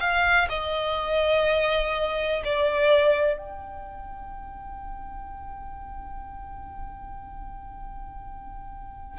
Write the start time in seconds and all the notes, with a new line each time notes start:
0.00 F5
0.49 D#5
2.45 D5
3.38 G5